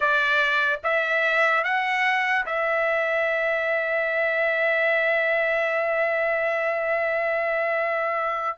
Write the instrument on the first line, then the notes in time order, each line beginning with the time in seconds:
trumpet
0.00 D5
0.83 E5
1.64 F#5
2.45 E5